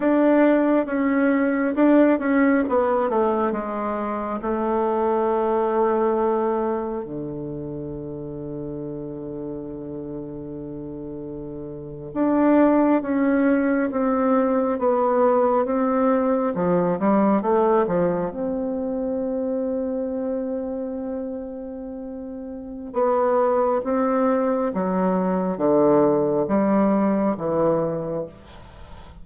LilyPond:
\new Staff \with { instrumentName = "bassoon" } { \time 4/4 \tempo 4 = 68 d'4 cis'4 d'8 cis'8 b8 a8 | gis4 a2. | d1~ | d4.~ d16 d'4 cis'4 c'16~ |
c'8. b4 c'4 f8 g8 a16~ | a16 f8 c'2.~ c'16~ | c'2 b4 c'4 | fis4 d4 g4 e4 | }